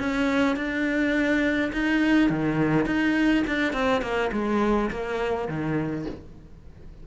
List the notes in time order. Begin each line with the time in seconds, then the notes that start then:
0.00 C#4
0.57 D4
1.73 D#4
2.30 D#3
2.86 D#4
3.47 D4
3.73 C4
4.02 A#3
4.33 G#3
4.91 A#3
5.49 D#3